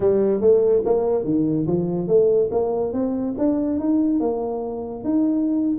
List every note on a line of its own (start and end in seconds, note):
0.00 0.40 G3
0.40 0.82 A3
0.85 1.24 A#3
1.24 1.66 D#3
1.66 2.07 F3
2.07 2.49 A3
2.51 2.92 A#3
2.92 3.34 C4
3.38 3.79 D4
3.79 4.20 D#4
4.20 5.04 A#3
5.04 5.77 D#4